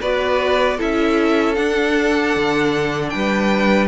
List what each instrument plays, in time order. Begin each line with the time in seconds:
0.00 cello B3, viola F#4, violin B4 D5
0.77 cello C#4, viola E4, violin A4 E5
1.54 viola D4, cello D4, violin F#5
2.36 cello D3
3.09 cello G3, violin B4 G5